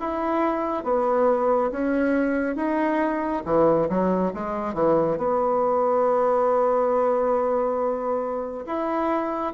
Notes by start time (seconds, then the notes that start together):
0.00 E4
0.84 B3
1.71 C#4
2.56 D#4
3.45 E3
3.89 F#3
4.34 G#3
4.74 E3
5.17 B3
8.66 E4